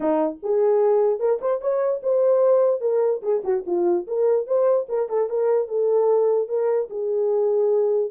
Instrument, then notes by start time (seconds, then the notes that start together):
horn
0.00 D#4
0.43 G#4
1.19 A#4
1.41 C5
1.61 C#5
2.02 C5
2.80 A#4
3.22 G#4
3.44 F#4
3.66 F4
4.07 A#4
4.46 C5
4.88 A#4
5.09 A4
5.29 A#4
5.68 A4
6.48 A#4
6.90 G#4